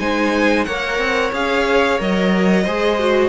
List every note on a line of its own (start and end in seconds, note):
0.00 0.67 G#3
0.00 0.67 D#4
0.00 0.66 C5
0.00 0.64 G#5
0.64 0.98 A#3
0.64 1.33 A#4
0.64 2.63 C#5
0.64 1.31 F#5
0.98 1.32 C4
1.33 2.00 C#4
1.33 1.99 G#4
1.33 2.01 F5
1.99 2.67 F#3
1.99 2.65 A#4
1.99 3.29 D#5
2.63 3.29 G#3
2.63 2.99 G#4
2.63 3.29 C5
2.99 3.29 F#4